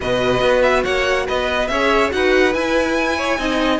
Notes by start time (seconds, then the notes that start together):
0.00 B2 F#4 B4 D#5
0.41 B3
0.62 E5
0.83 A#3 C#5 F#5
1.27 B3 B4 D#5
1.67 C#4 G#4 C#5 E5
2.10 D#4 F#4 B4 F#5
2.53 E4 G#5
3.17 C#5
3.38 C4 D#4 D#5